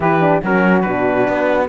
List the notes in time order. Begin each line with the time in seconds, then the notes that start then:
0.00 E3 E4 G4 B4
0.20 D4
0.41 F#3 C#4 F#4 A#4
0.81 B2 D4 B4
1.27 B3